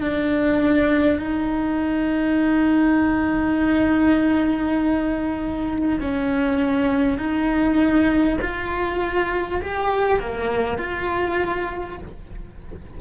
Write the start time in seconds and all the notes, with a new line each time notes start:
0.00 D4
1.19 D#4
6.00 C#4
7.17 D#4
8.41 F4
9.62 G4
10.19 A#3
10.78 F4